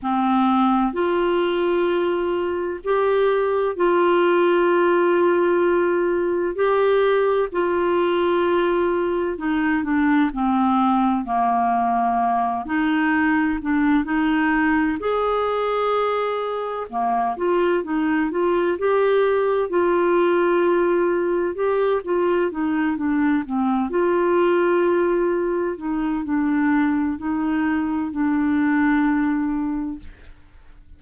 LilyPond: \new Staff \with { instrumentName = "clarinet" } { \time 4/4 \tempo 4 = 64 c'4 f'2 g'4 | f'2. g'4 | f'2 dis'8 d'8 c'4 | ais4. dis'4 d'8 dis'4 |
gis'2 ais8 f'8 dis'8 f'8 | g'4 f'2 g'8 f'8 | dis'8 d'8 c'8 f'2 dis'8 | d'4 dis'4 d'2 | }